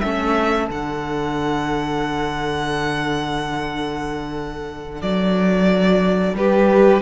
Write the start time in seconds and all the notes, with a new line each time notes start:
0.00 A3 C#4 A4 E5
0.69 D3 D4 F#5
5.01 F#3 D5
6.33 G3 G4 B4